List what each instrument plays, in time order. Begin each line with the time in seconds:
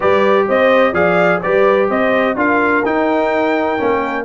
0.00 tuba G3, trombone G4, horn B4, trumpet D5
0.48 tuba C4, horn C5, trumpet D#5
0.92 tuba F3, trombone G#4, horn D5, trumpet F5
1.42 tuba G3, trombone G4, horn B4, trumpet D5
1.89 tuba C4, horn C5, trumpet D#5
2.35 tuba D4, trombone F4, horn A#4, trumpet F5
2.85 trombone D#4, tuba D#4, trumpet G5
3.78 tuba A#3, trombone C#4